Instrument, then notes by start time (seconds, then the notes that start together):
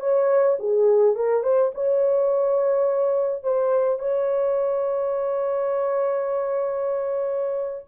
horn
0.00 C#5
0.59 G#4
1.15 A#4
1.43 C5
1.74 C#5
3.43 C5
3.99 C#5